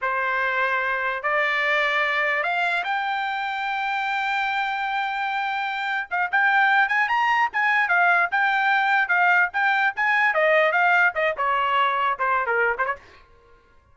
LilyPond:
\new Staff \with { instrumentName = "trumpet" } { \time 4/4 \tempo 4 = 148 c''2. d''4~ | d''2 f''4 g''4~ | g''1~ | g''2. f''8 g''8~ |
g''4 gis''8 ais''4 gis''4 f''8~ | f''8 g''2 f''4 g''8~ | g''8 gis''4 dis''4 f''4 dis''8 | cis''2 c''8. ais'8. c''16 cis''16 | }